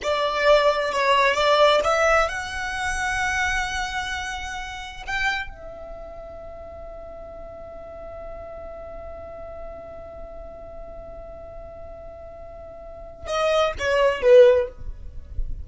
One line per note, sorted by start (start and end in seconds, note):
0.02 0.92 D5
0.92 1.34 C#5
1.34 1.80 D5
1.83 2.29 E5
2.29 5.03 F#5
5.06 5.49 G5
5.49 13.26 E5
13.26 13.72 D#5
13.78 14.22 C#5
14.22 14.68 B4